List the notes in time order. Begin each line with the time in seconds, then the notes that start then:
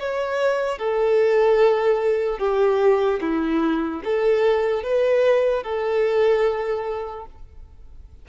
0.00 C#5
0.79 A4
2.39 G4
3.21 E4
4.05 A4
4.84 B4
5.64 A4